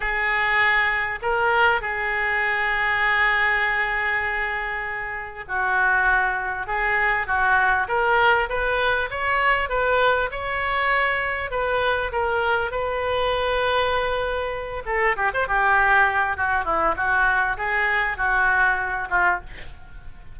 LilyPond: \new Staff \with { instrumentName = "oboe" } { \time 4/4 \tempo 4 = 99 gis'2 ais'4 gis'4~ | gis'1~ | gis'4 fis'2 gis'4 | fis'4 ais'4 b'4 cis''4 |
b'4 cis''2 b'4 | ais'4 b'2.~ | b'8 a'8 g'16 c''16 g'4. fis'8 e'8 | fis'4 gis'4 fis'4. f'8 | }